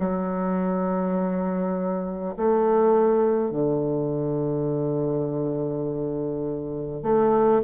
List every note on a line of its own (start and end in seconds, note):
0.00 2.35 F#3
2.37 3.51 A3
3.51 7.03 D3
7.03 7.61 A3